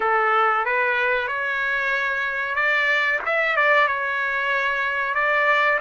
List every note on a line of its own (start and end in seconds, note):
0.00 0.65 A4
0.65 1.27 B4
1.27 2.55 C#5
2.55 3.19 D5
3.25 3.56 E5
3.56 3.87 D5
3.87 5.14 C#5
5.14 5.79 D5